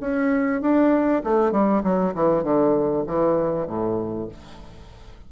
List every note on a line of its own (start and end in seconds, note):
0.00 0.61 C#4
0.61 1.22 D4
1.23 1.52 A3
1.52 1.82 G3
1.83 2.14 F#3
2.14 2.43 E3
2.43 3.04 D3
3.06 3.67 E3
3.67 4.28 A2